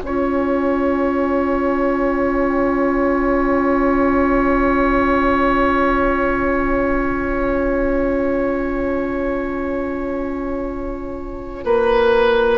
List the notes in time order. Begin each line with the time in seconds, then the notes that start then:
0.00 C#4 F4 C#5 G#5
11.65 A#3 B4